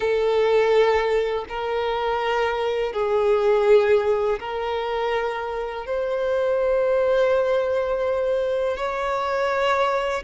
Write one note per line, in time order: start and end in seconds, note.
0.00 1.45 A4
1.48 2.92 A#4
2.92 4.39 G#4
4.39 5.86 A#4
5.86 8.76 C5
8.76 10.23 C#5